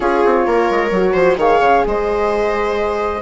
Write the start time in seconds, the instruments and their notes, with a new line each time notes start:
0.00 bassoon C#4, horn F4, viola G#4, flute C#5
0.25 bassoon C4
0.46 bassoon A#3, viola A#4
0.70 bassoon G#3
0.90 bassoon F#3, horn F#4
1.13 bassoon F3, viola C5
1.36 bassoon D#3, horn G#4, viola C#5, flute F5
1.60 bassoon C#3
1.86 bassoon G#3, viola C5, flute D#5